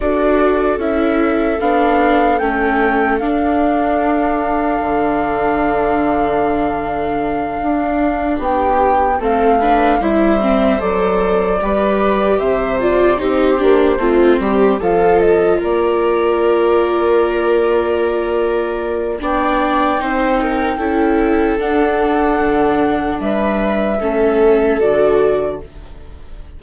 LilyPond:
<<
  \new Staff \with { instrumentName = "flute" } { \time 4/4 \tempo 4 = 75 d''4 e''4 f''4 g''4 | f''1~ | f''2~ f''8 g''4 f''8~ | f''8 e''4 d''2 e''8 |
d''8 c''2 f''8 dis''8 d''8~ | d''1 | g''2. fis''4~ | fis''4 e''2 d''4 | }
  \new Staff \with { instrumentName = "viola" } { \time 4/4 a'1~ | a'1~ | a'2~ a'8 g'4 a'8 | b'8 c''2 b'4 c''8~ |
c''8 g'4 f'8 g'8 a'4 ais'8~ | ais'1 | d''4 c''8 ais'8 a'2~ | a'4 b'4 a'2 | }
  \new Staff \with { instrumentName = "viola" } { \time 4/4 fis'4 e'4 d'4 cis'4 | d'1~ | d'2.~ d'8 c'8 | d'8 e'8 c'8 a'4 g'4. |
f'8 dis'8 d'8 c'4 f'4.~ | f'1 | d'4 dis'4 e'4 d'4~ | d'2 cis'4 fis'4 | }
  \new Staff \with { instrumentName = "bassoon" } { \time 4/4 d'4 cis'4 b4 a4 | d'2 d2~ | d4. d'4 b4 a8~ | a8 g4 fis4 g4 c8~ |
c8 c'8 ais8 a8 g8 f4 ais8~ | ais1 | b4 c'4 cis'4 d'4 | d4 g4 a4 d4 | }
>>